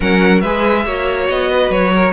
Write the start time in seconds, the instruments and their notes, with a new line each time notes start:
0.00 cello F#3, viola C#4, violin A#4 F#5
0.40 cello G#3, viola G#4, violin B4 E5
0.85 cello A#3, viola F#4, violin C#5
1.29 cello B3, violin D#5
1.50 violin B4
1.69 cello F#3, violin C#5
1.95 violin A#4